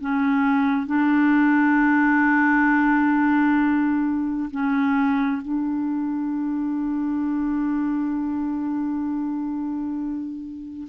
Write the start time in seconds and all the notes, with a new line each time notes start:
0.00 C#4
0.86 D4
4.51 C#4
5.42 D4